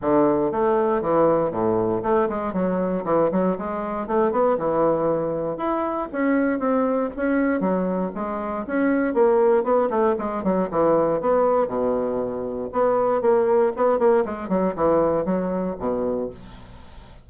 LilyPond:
\new Staff \with { instrumentName = "bassoon" } { \time 4/4 \tempo 4 = 118 d4 a4 e4 a,4 | a8 gis8 fis4 e8 fis8 gis4 | a8 b8 e2 e'4 | cis'4 c'4 cis'4 fis4 |
gis4 cis'4 ais4 b8 a8 | gis8 fis8 e4 b4 b,4~ | b,4 b4 ais4 b8 ais8 | gis8 fis8 e4 fis4 b,4 | }